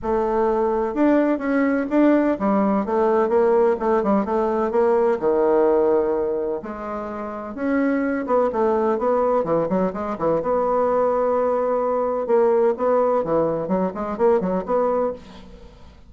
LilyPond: \new Staff \with { instrumentName = "bassoon" } { \time 4/4 \tempo 4 = 127 a2 d'4 cis'4 | d'4 g4 a4 ais4 | a8 g8 a4 ais4 dis4~ | dis2 gis2 |
cis'4. b8 a4 b4 | e8 fis8 gis8 e8 b2~ | b2 ais4 b4 | e4 fis8 gis8 ais8 fis8 b4 | }